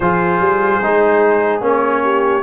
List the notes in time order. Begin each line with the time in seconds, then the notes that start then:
0.00 F3 F4 G#4 C5
0.39 G3
0.82 G#3 D#4
1.60 A#3 C#4
1.67 C#5
2.03 G4